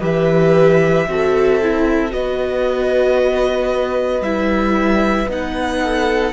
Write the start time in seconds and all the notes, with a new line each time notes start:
0.00 E3 G4 B4 E5
1.08 C4 F#4 A4
1.62 E4
2.11 B3 F#4 B4 D#5
4.21 G3 E4 E5
5.28 B3 D#4 F#5
5.82 A4